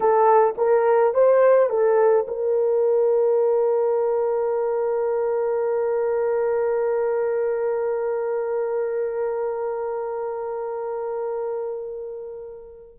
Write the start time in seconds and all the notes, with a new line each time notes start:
0.00 A4
0.57 A#4
1.14 C5
1.69 A4
2.27 A#4